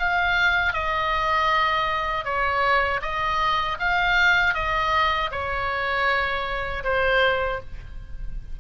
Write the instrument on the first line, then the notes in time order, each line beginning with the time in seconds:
oboe
0.00 F5
0.73 D#5
2.25 C#5
3.02 D#5
3.80 F5
4.54 D#5
5.32 C#5
6.84 C5